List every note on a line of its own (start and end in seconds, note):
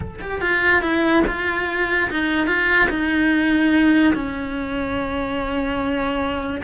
0.00 0.20 A4
0.21 0.41 G4
0.41 0.81 F4
0.81 1.23 E4
1.27 2.10 F4
2.10 2.47 D#4
2.47 2.88 F4
2.89 4.13 D#4
4.13 6.62 C#4